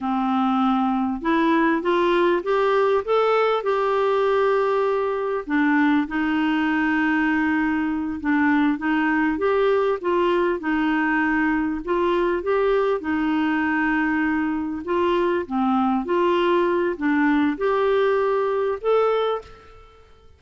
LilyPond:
\new Staff \with { instrumentName = "clarinet" } { \time 4/4 \tempo 4 = 99 c'2 e'4 f'4 | g'4 a'4 g'2~ | g'4 d'4 dis'2~ | dis'4. d'4 dis'4 g'8~ |
g'8 f'4 dis'2 f'8~ | f'8 g'4 dis'2~ dis'8~ | dis'8 f'4 c'4 f'4. | d'4 g'2 a'4 | }